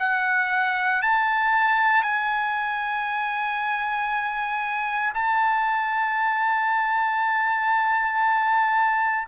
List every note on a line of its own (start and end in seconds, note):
0.00 1.03 F#5
1.03 2.03 A5
2.03 5.13 G#5
5.14 9.28 A5